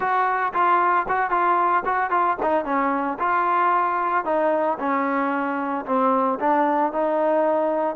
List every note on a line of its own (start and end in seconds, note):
0.00 0.52 F#4
0.53 1.06 F4
1.08 1.30 F#4
1.30 1.83 F4
1.85 2.10 F#4
2.10 2.37 F4
2.42 2.64 D#4
2.64 3.17 C#4
3.19 4.24 F4
4.24 4.77 D#4
4.79 5.85 C#4
5.86 6.39 C4
6.39 6.92 D4
6.92 7.96 D#4